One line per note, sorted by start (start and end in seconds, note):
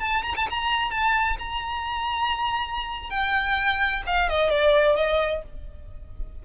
0.00 0.23 A5
0.23 0.34 A#5
0.36 0.47 A5
0.50 0.91 A#5
0.91 1.37 A5
1.39 3.10 A#5
3.10 4.03 G5
4.06 4.29 F5
4.29 4.50 D#5
4.50 4.96 D5
4.96 5.42 D#5